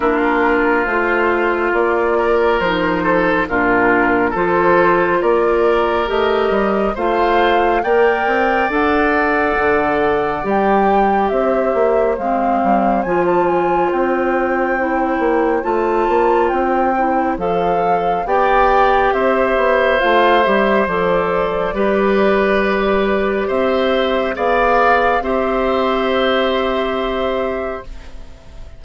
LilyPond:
<<
  \new Staff \with { instrumentName = "flute" } { \time 4/4 \tempo 4 = 69 ais'4 c''4 d''4 c''4 | ais'4 c''4 d''4 dis''4 | f''4 g''4 fis''2 | g''4 e''4 f''4 gis''16 a''16 gis''8 |
g''2 a''4 g''4 | f''4 g''4 e''4 f''8 e''8 | d''2. e''4 | f''4 e''2. | }
  \new Staff \with { instrumentName = "oboe" } { \time 4/4 f'2~ f'8 ais'4 a'8 | f'4 a'4 ais'2 | c''4 d''2.~ | d''4 c''2.~ |
c''1~ | c''4 d''4 c''2~ | c''4 b'2 c''4 | d''4 c''2. | }
  \new Staff \with { instrumentName = "clarinet" } { \time 4/4 d'4 f'2 dis'4 | d'4 f'2 g'4 | f'4 ais'4 a'2 | g'2 c'4 f'4~ |
f'4 e'4 f'4. e'8 | a'4 g'2 f'8 g'8 | a'4 g'2. | gis'4 g'2. | }
  \new Staff \with { instrumentName = "bassoon" } { \time 4/4 ais4 a4 ais4 f4 | ais,4 f4 ais4 a8 g8 | a4 ais8 c'8 d'4 d4 | g4 c'8 ais8 gis8 g8 f4 |
c'4. ais8 a8 ais8 c'4 | f4 b4 c'8 b8 a8 g8 | f4 g2 c'4 | b4 c'2. | }
>>